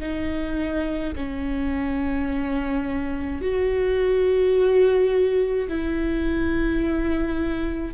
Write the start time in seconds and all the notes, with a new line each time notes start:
0.00 D#4
1.16 C#4
3.41 F#4
5.68 E4